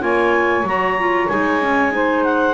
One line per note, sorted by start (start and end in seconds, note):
0.00 0.63 A#3
0.00 0.64 F4
0.00 1.93 C#5
0.00 0.66 G#5
0.63 1.26 F#3
0.63 0.98 F#4
0.63 1.28 A#5
0.98 1.30 F4
1.28 2.54 G#3
1.28 1.61 D#4
1.28 2.24 G#5
1.61 1.92 C#4
1.92 2.54 D#4
1.92 2.54 C5
2.24 2.54 F#5